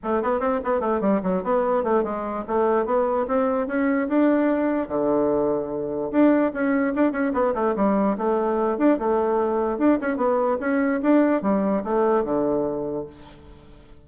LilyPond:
\new Staff \with { instrumentName = "bassoon" } { \time 4/4 \tempo 4 = 147 a8 b8 c'8 b8 a8 g8 fis8 b8~ | b8 a8 gis4 a4 b4 | c'4 cis'4 d'2 | d2. d'4 |
cis'4 d'8 cis'8 b8 a8 g4 | a4. d'8 a2 | d'8 cis'8 b4 cis'4 d'4 | g4 a4 d2 | }